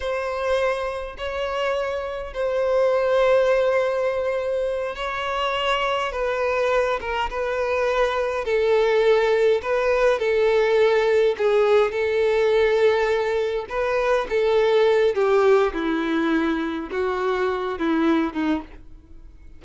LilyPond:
\new Staff \with { instrumentName = "violin" } { \time 4/4 \tempo 4 = 103 c''2 cis''2 | c''1~ | c''8 cis''2 b'4. | ais'8 b'2 a'4.~ |
a'8 b'4 a'2 gis'8~ | gis'8 a'2. b'8~ | b'8 a'4. g'4 e'4~ | e'4 fis'4. e'4 dis'8 | }